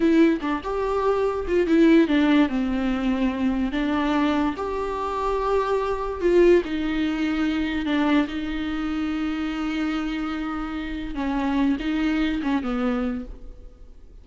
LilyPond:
\new Staff \with { instrumentName = "viola" } { \time 4/4 \tempo 4 = 145 e'4 d'8 g'2 f'8 | e'4 d'4 c'2~ | c'4 d'2 g'4~ | g'2. f'4 |
dis'2. d'4 | dis'1~ | dis'2. cis'4~ | cis'8 dis'4. cis'8 b4. | }